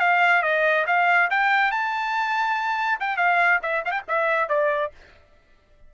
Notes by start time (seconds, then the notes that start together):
0.00 F5
0.43 D#5
0.87 F5
1.31 G5
1.72 A5
3.00 G5
3.17 F5
3.63 E5
3.85 F5
3.91 G5
4.08 E5
4.49 D5